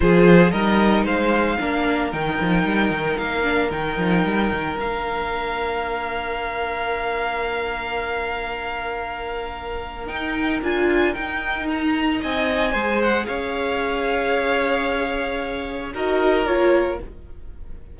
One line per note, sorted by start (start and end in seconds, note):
0.00 0.52 F3
0.00 0.50 F4
0.00 0.52 G#4
0.00 0.50 C5
0.50 1.04 G3
0.50 1.60 D#4
0.50 1.04 A#4
0.50 1.03 D#5
1.04 1.57 G#3
1.04 1.57 C5
1.04 2.12 F5
1.59 2.12 A#3
1.59 2.12 D4
1.59 12.20 A#4
2.12 2.39 D#3
2.12 3.43 D#4
2.12 3.17 G5
2.40 2.64 F3
2.64 2.90 G3
2.90 3.17 D#3
3.17 3.71 A#3
3.17 3.70 F5
3.43 3.70 D4
3.71 3.97 D#3
3.71 4.76 D#4
3.71 4.77 G5
3.97 4.24 F3
4.24 4.50 G3
4.51 4.78 D#3
4.76 10.08 A#3
4.76 10.07 D4
4.76 10.07 F5
10.07 10.60 D#4
10.07 10.61 D#4
10.07 10.60 G5
10.61 11.14 D4
10.61 11.14 F4
10.61 11.13 G#5
11.13 12.73 D#4
11.13 12.22 D#4
11.13 11.67 G5
11.68 12.21 A#5
12.20 12.74 C4
12.20 12.71 D#5
12.20 13.02 G#5
12.71 13.27 G#3
12.71 15.93 G#4
12.71 13.24 C5
13.02 13.26 F#5
13.26 15.93 C#4
13.26 15.93 C#5
13.26 15.91 F5
15.93 16.46 D#4
15.93 16.45 F#4
15.93 16.99 A#4
15.93 16.45 D#5
16.45 16.99 A#3
16.45 16.99 F4
16.45 16.99 C#5